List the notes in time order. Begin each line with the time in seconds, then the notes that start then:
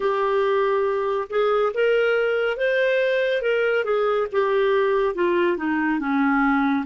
0.00 G4
1.29 G#4
1.74 A#4
2.57 C5
3.42 A#4
3.84 G#4
4.31 G4
5.14 F4
5.57 D#4
5.99 C#4